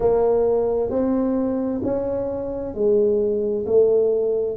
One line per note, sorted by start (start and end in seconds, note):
0.00 0.90 A#3
0.90 1.81 C4
1.83 2.74 C#4
2.74 3.65 G#3
3.66 4.57 A3